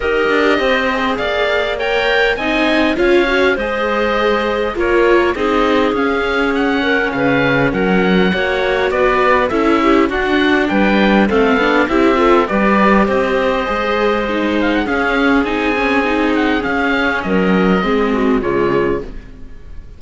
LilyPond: <<
  \new Staff \with { instrumentName = "oboe" } { \time 4/4 \tempo 4 = 101 dis''2 f''4 g''4 | gis''4 f''4 dis''2 | cis''4 dis''4 f''4 fis''4 | f''4 fis''2 d''4 |
e''4 fis''4 g''4 f''4 | e''4 d''4 dis''2~ | dis''8 f''16 fis''16 f''4 gis''4. fis''8 | f''4 dis''2 cis''4 | }
  \new Staff \with { instrumentName = "clarinet" } { \time 4/4 ais'4 c''4 d''4 cis''4 | dis''4 cis''4 c''2 | ais'4 gis'2~ gis'8 ais'8 | b'4 ais'4 cis''4 b'4 |
a'8 g'8 fis'4 b'4 a'4 | g'8 a'8 b'4 c''2~ | c''4 gis'2.~ | gis'4 ais'4 gis'8 fis'8 f'4 | }
  \new Staff \with { instrumentName = "viola" } { \time 4/4 g'4. gis'4. ais'4 | dis'4 f'8 fis'8 gis'2 | f'4 dis'4 cis'2~ | cis'2 fis'2 |
e'4 d'2 c'8 d'8 | e'8 f'8 g'2 gis'4 | dis'4 cis'4 dis'8 cis'8 dis'4 | cis'2 c'4 gis4 | }
  \new Staff \with { instrumentName = "cello" } { \time 4/4 dis'8 d'8 c'4 ais2 | c'4 cis'4 gis2 | ais4 c'4 cis'2 | cis4 fis4 ais4 b4 |
cis'4 d'4 g4 a8 b8 | c'4 g4 c'4 gis4~ | gis4 cis'4 c'2 | cis'4 fis4 gis4 cis4 | }
>>